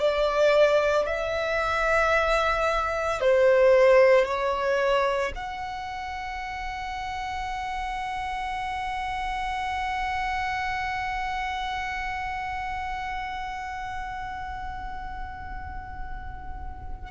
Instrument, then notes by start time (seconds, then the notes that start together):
violin
0.00 D5
1.07 E5
3.21 C5
4.26 C#5
5.36 F#5